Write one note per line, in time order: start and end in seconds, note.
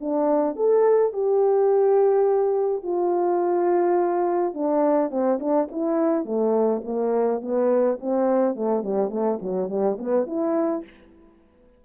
0.00 0.56 D4
0.56 1.12 A4
1.12 2.83 G4
2.83 4.54 F4
4.54 5.10 D4
5.10 5.39 C4
5.39 5.68 D4
5.71 6.24 E4
6.24 6.82 A3
6.84 7.41 A#3
7.41 7.98 B3
8.00 8.55 C4
8.55 8.83 A3
8.83 9.10 G3
9.10 9.38 A3
9.41 9.69 F#3
9.69 9.97 G3
9.98 10.26 B3
10.26 10.84 E4